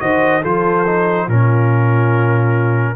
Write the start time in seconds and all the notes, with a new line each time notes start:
0.00 D#3 F#4 C5 D#5
0.42 F3 F4 A4 C5
0.87 D#4
1.27 A#2 C#4 F4 A#4